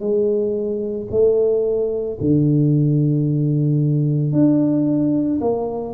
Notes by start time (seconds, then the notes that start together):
0.00 G#3
1.11 A3
2.20 D3
4.32 D4
5.41 A#3